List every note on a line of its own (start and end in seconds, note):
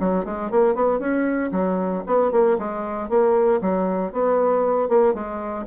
0.00 0.25 F#3
0.25 0.51 G#3
0.51 0.75 A#3
0.75 0.99 B3
0.99 1.51 C#4
1.52 2.03 F#3
2.06 2.32 B3
2.32 2.58 A#3
2.59 3.09 G#3
3.09 3.61 A#3
3.61 4.12 F#3
4.12 4.89 B3
4.89 5.14 A#3
5.14 5.66 G#3